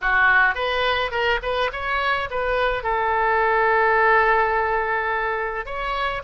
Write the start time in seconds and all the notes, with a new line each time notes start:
0.01 F#4
0.54 B4
1.11 A#4
1.42 B4
1.72 C#5
2.30 B4
2.83 A4
5.65 C#5